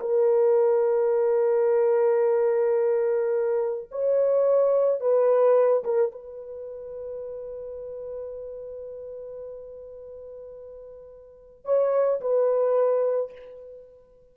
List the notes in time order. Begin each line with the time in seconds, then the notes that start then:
0.00 A#4
3.91 C#5
5.00 B4
5.84 A#4
6.11 B4
11.65 C#5
12.21 B4